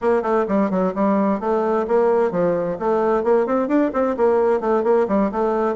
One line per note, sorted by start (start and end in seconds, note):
0.01 0.22 A#3
0.22 0.45 A3
0.48 0.70 G3
0.70 0.93 F#3
0.94 1.40 G3
1.40 1.86 A3
1.87 2.31 A#3
2.31 2.77 F3
2.79 3.23 A3
3.23 3.46 A#3
3.46 3.68 C4
3.68 3.91 D4
3.93 4.16 C4
4.16 4.60 A#3
4.60 4.83 A3
4.83 5.06 A#3
5.08 5.31 G3
5.31 5.75 A3